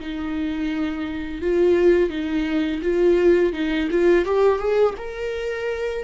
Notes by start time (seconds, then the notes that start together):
0.00 D#4
1.42 F4
2.10 D#4
2.82 F4
3.54 D#4
3.91 F4
4.26 G4
4.59 G#4
4.98 A#4